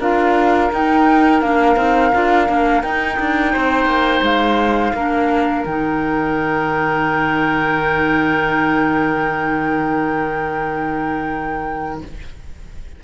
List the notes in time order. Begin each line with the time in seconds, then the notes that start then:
0.00 D4 F4 A#4 F5
0.72 D#4 G5
1.41 A#3 D4 F5
1.76 C4 D#4
2.14 D4 F4
2.47 A#3 D4
2.82 D#4 G5
3.19 D4
3.53 C4 C5
3.86 A#3
4.22 G#3 F5
4.94 A#3 D4 A#4
5.66 D#3 D#4 G5